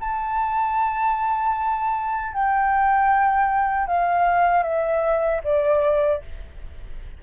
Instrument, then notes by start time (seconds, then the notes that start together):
flute
0.00 A5
2.33 G5
3.87 F5
4.63 E5
5.44 D5